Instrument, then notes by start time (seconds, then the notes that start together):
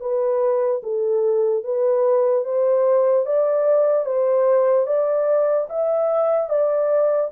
horn
0.00 B4
0.83 A4
1.63 B4
2.44 C5
3.25 D5
4.05 C5
4.86 D5
5.69 E5
6.49 D5